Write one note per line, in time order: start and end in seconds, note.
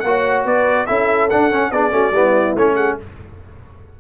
0.00 0.45 A#3
0.00 0.88 F#4
0.00 0.42 F#5
0.07 0.46 C#5
0.45 0.87 B3
0.45 0.87 B4
0.45 0.87 D5
0.87 1.32 C#4
0.87 1.30 E4
0.87 1.71 A4
0.87 1.29 E5
1.30 1.51 D4
1.30 1.53 D4
1.30 1.72 F#5
1.51 1.72 C#4
1.51 1.71 C#4
1.71 1.92 B3
1.71 1.91 D4
1.71 1.93 G#4
1.71 2.56 D5
1.91 2.12 A3
1.91 2.12 C#4
1.91 2.14 F#4
2.12 2.54 G3
2.12 2.57 B3
2.12 2.75 E4
2.56 2.98 A3
2.56 3.00 C#4
2.56 2.76 C#5
2.75 2.96 G#4
2.75 2.97 F#5